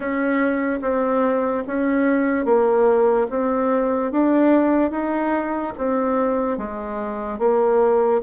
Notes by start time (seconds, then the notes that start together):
0.00 C#4
0.81 C4
1.67 C#4
2.45 A#3
3.30 C4
4.11 D4
4.91 D#4
5.77 C4
6.58 G#3
7.39 A#3